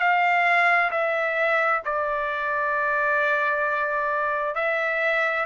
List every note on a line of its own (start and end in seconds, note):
0.00 0.91 F5
0.91 1.82 E5
1.85 4.55 D5
4.55 5.46 E5